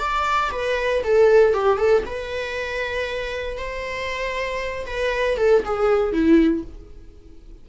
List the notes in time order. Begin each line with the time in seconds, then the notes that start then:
0.00 D5
0.52 B4
1.04 A4
1.54 G4
1.78 A4
2.07 B4
3.58 C5
4.87 B4
5.38 A4
5.65 G#4
6.13 E4